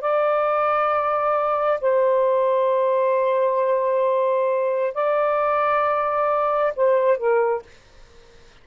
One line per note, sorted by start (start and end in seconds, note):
0.00 1.79 D5
1.80 4.93 C5
4.93 6.72 D5
6.75 7.17 C5
7.17 7.62 A#4